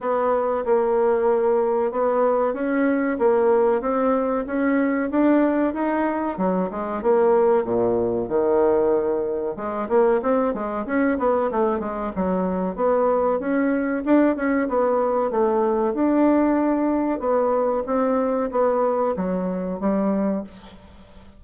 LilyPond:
\new Staff \with { instrumentName = "bassoon" } { \time 4/4 \tempo 4 = 94 b4 ais2 b4 | cis'4 ais4 c'4 cis'4 | d'4 dis'4 fis8 gis8 ais4 | ais,4 dis2 gis8 ais8 |
c'8 gis8 cis'8 b8 a8 gis8 fis4 | b4 cis'4 d'8 cis'8 b4 | a4 d'2 b4 | c'4 b4 fis4 g4 | }